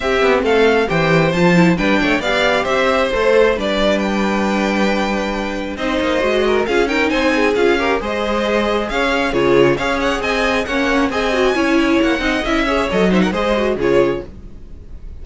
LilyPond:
<<
  \new Staff \with { instrumentName = "violin" } { \time 4/4 \tempo 4 = 135 e''4 f''4 g''4 a''4 | g''4 f''4 e''4 c''4 | d''4 g''2.~ | g''4 dis''2 f''8 g''8 |
gis''4 f''4 dis''2 | f''4 cis''4 f''8 fis''8 gis''4 | fis''4 gis''2 fis''4 | e''4 dis''8 e''16 fis''16 dis''4 cis''4 | }
  \new Staff \with { instrumentName = "violin" } { \time 4/4 g'4 a'4 c''2 | b'8 cis''8 d''4 c''2 | b'1~ | b'4 c''4. ais'8 gis'8 ais'8 |
c''8 gis'4 ais'8 c''2 | cis''4 gis'4 cis''4 dis''4 | cis''4 dis''4 cis''4. dis''8~ | dis''8 cis''4 c''16 ais'16 c''4 gis'4 | }
  \new Staff \with { instrumentName = "viola" } { \time 4/4 c'2 g'4 f'8 e'8 | d'4 g'2 a'4 | d'1~ | d'4 dis'4 fis'4 f'8 dis'8~ |
dis'4 f'8 g'8 gis'2~ | gis'4 f'4 gis'2 | cis'4 gis'8 fis'8 e'4. dis'8 | e'8 gis'8 a'8 dis'8 gis'8 fis'8 f'4 | }
  \new Staff \with { instrumentName = "cello" } { \time 4/4 c'8 b8 a4 e4 f4 | g8 a8 b4 c'4 a4 | g1~ | g4 c'8 ais8 gis4 cis'4 |
c'4 cis'4 gis2 | cis'4 cis4 cis'4 c'4 | ais4 c'4 cis'4 ais8 c'8 | cis'4 fis4 gis4 cis4 | }
>>